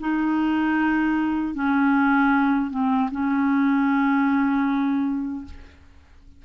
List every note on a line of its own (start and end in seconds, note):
0.00 1.54 D#4
1.54 2.70 C#4
2.70 3.09 C4
3.11 5.45 C#4